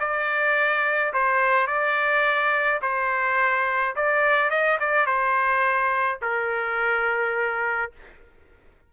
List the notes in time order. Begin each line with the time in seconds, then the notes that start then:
0.00 D5
1.14 C5
1.67 D5
2.82 C5
3.96 D5
4.50 D#5
4.80 D5
5.06 C5
6.22 A#4